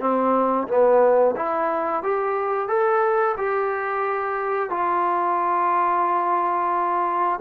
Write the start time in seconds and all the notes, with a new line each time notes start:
0.00 C4
0.67 B3
1.36 E4
2.03 G4
2.68 A4
3.37 G4
4.70 F4